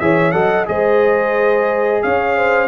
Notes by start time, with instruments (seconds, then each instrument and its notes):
0.00 tuba E3, trombone G#4, horn C#5, trumpet E5
0.32 tuba F#3, trombone A4, horn D#5, trumpet F#5
0.66 tuba G#3, trombone G#4, horn C5, trumpet D#5
2.02 tuba C#4, horn C#5, trumpet F5
2.37 horn C5